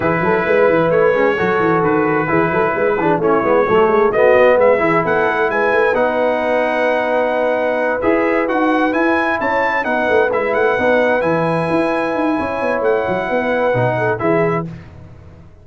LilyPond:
<<
  \new Staff \with { instrumentName = "trumpet" } { \time 4/4 \tempo 4 = 131 b'2 cis''2 | b'2. cis''4~ | cis''4 dis''4 e''4 fis''4 | gis''4 fis''2.~ |
fis''4. e''4 fis''4 gis''8~ | gis''8 a''4 fis''4 e''8 fis''4~ | fis''8 gis''2.~ gis''8 | fis''2. e''4 | }
  \new Staff \with { instrumentName = "horn" } { \time 4/4 gis'8 a'8 b'2 a'4~ | a'4 gis'8 a'8 b'8 gis'8 e'4 | a'8 gis'8 fis'4 b'8 gis'8 a'4 | b'1~ |
b'1~ | b'8 cis''4 b'2~ b'8~ | b'2. cis''4~ | cis''4 b'4. a'8 gis'4 | }
  \new Staff \with { instrumentName = "trombone" } { \time 4/4 e'2~ e'8 cis'8 fis'4~ | fis'4 e'4. d'8 cis'8 b8 | a4 b4. e'4.~ | e'4 dis'2.~ |
dis'4. gis'4 fis'4 e'8~ | e'4. dis'4 e'4 dis'8~ | dis'8 e'2.~ e'8~ | e'2 dis'4 e'4 | }
  \new Staff \with { instrumentName = "tuba" } { \time 4/4 e8 fis8 gis8 e8 a8 gis8 fis8 e8 | dis4 e8 fis8 gis8 e8 a8 gis8 | fis8 gis8 a8 b8 gis8 e8 b8 a8 | gis8 a8 b2.~ |
b4. e'4 dis'4 e'8~ | e'8 cis'4 b8 a8 gis8 a8 b8~ | b8 e4 e'4 dis'8 cis'8 b8 | a8 fis8 b4 b,4 e4 | }
>>